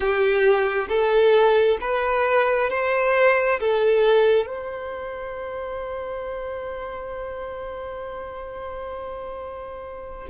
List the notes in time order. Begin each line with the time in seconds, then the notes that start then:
0.00 G4
0.88 A4
1.80 B4
2.69 C5
3.59 A4
4.46 C5